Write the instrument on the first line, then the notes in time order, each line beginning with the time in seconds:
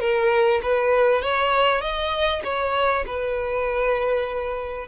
violin
0.00 A#4
0.62 B4
1.22 C#5
1.81 D#5
2.44 C#5
3.06 B4